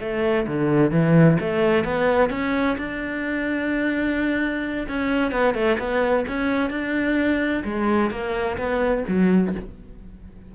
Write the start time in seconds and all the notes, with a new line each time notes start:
0.00 A3
0.47 D3
0.91 E3
1.40 A3
1.84 B3
2.30 C#4
2.77 D4
4.88 C#4
5.31 B3
5.54 A3
5.78 B3
6.28 C#4
6.70 D4
7.64 G#3
8.11 A#3
8.57 B3
9.08 F#3